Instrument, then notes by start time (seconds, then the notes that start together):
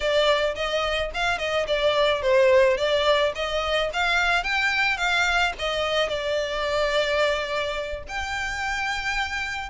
violin
0.00 D5
0.55 D#5
1.14 F5
1.38 D#5
1.67 D5
2.22 C5
2.77 D5
3.35 D#5
3.93 F5
4.43 G5
4.97 F5
5.58 D#5
6.08 D5
8.08 G5